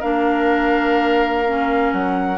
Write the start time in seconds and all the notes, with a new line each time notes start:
0.00 A#3 D4 A#4 F5
1.46 C#4
1.93 F#3 F#5